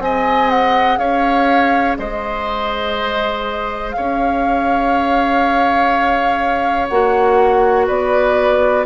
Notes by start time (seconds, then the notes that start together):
0.00 C4 G#4 D#5 G#5
0.50 F#5
0.98 C#4 C#5 F5
1.98 G#3 C5 D#5
3.92 C#5 F5
3.99 C#4
6.88 A#3 F#4 F#5
7.87 B3 B4 D5